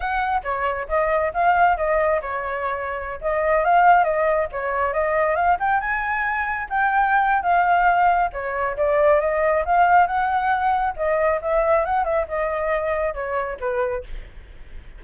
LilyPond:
\new Staff \with { instrumentName = "flute" } { \time 4/4 \tempo 4 = 137 fis''4 cis''4 dis''4 f''4 | dis''4 cis''2~ cis''16 dis''8.~ | dis''16 f''4 dis''4 cis''4 dis''8.~ | dis''16 f''8 g''8 gis''2 g''8.~ |
g''4 f''2 cis''4 | d''4 dis''4 f''4 fis''4~ | fis''4 dis''4 e''4 fis''8 e''8 | dis''2 cis''4 b'4 | }